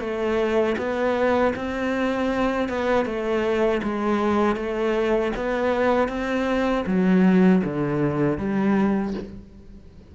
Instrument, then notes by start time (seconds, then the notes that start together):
cello
0.00 A3
0.77 B3
1.56 C4
2.69 B3
3.06 A3
3.83 G#3
4.56 A3
5.36 B3
6.09 C4
6.86 F#3
7.64 D3
8.38 G3